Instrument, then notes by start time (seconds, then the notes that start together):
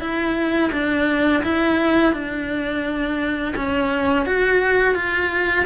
cello
0.00 E4
0.72 D4
1.43 E4
2.13 D4
3.56 C#4
4.25 F#4
4.94 F4